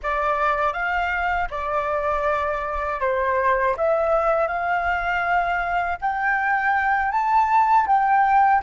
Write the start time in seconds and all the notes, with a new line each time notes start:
0.02 D5
0.73 F5
1.50 D5
3.00 C5
3.76 E5
4.47 F5
6.01 G5
7.11 A5
7.86 G5